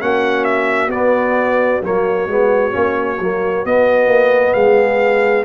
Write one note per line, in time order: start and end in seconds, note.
0.00 0.89 A#3
0.00 0.91 C#4
0.00 4.54 F#4
0.00 0.45 F#5
0.45 0.90 E5
0.89 1.80 B3
0.89 1.83 B3
0.89 1.82 D5
1.83 2.27 F#3
1.83 2.29 A#3
1.83 3.66 C#5
2.27 2.73 G#3
2.27 2.71 B3
2.71 3.20 A#3
2.71 3.17 C#4
3.20 3.65 F#3
3.20 3.66 A#3
3.65 4.07 B3
3.65 5.45 B3
3.65 4.54 D#5
4.07 4.53 A#3
4.54 5.45 G#3
4.54 5.45 G#4
4.54 5.45 F5